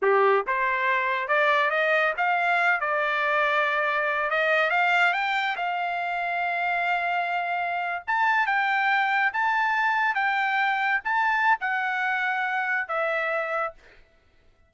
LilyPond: \new Staff \with { instrumentName = "trumpet" } { \time 4/4 \tempo 4 = 140 g'4 c''2 d''4 | dis''4 f''4. d''4.~ | d''2 dis''4 f''4 | g''4 f''2.~ |
f''2~ f''8. a''4 g''16~ | g''4.~ g''16 a''2 g''16~ | g''4.~ g''16 a''4~ a''16 fis''4~ | fis''2 e''2 | }